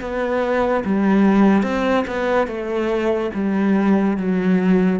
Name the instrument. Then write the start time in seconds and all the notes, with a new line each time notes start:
cello
0.00 B3
0.84 G3
1.62 C4
2.07 B3
2.47 A3
3.34 G3
4.17 F#3